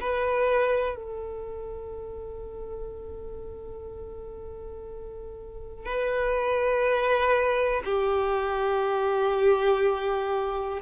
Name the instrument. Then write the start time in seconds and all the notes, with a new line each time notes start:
violin
0.00 B4
0.95 A4
5.85 B4
7.85 G4